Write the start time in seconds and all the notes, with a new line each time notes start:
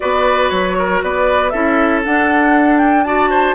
0.00 B3 F#4 B4 D5
0.49 F#3 C#5
0.78 A#4
1.03 B3 B4 D5
1.49 C#4 E4 A4 E5
2.03 D4 F#5
2.78 G5
3.03 F#4 D5 A5
3.29 C5